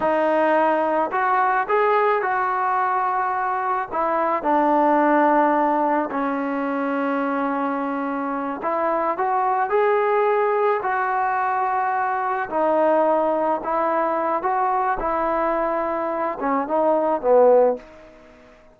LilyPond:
\new Staff \with { instrumentName = "trombone" } { \time 4/4 \tempo 4 = 108 dis'2 fis'4 gis'4 | fis'2. e'4 | d'2. cis'4~ | cis'2.~ cis'8 e'8~ |
e'8 fis'4 gis'2 fis'8~ | fis'2~ fis'8 dis'4.~ | dis'8 e'4. fis'4 e'4~ | e'4. cis'8 dis'4 b4 | }